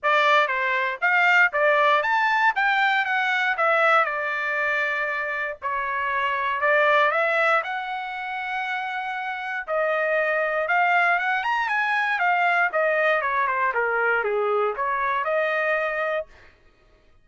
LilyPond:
\new Staff \with { instrumentName = "trumpet" } { \time 4/4 \tempo 4 = 118 d''4 c''4 f''4 d''4 | a''4 g''4 fis''4 e''4 | d''2. cis''4~ | cis''4 d''4 e''4 fis''4~ |
fis''2. dis''4~ | dis''4 f''4 fis''8 ais''8 gis''4 | f''4 dis''4 cis''8 c''8 ais'4 | gis'4 cis''4 dis''2 | }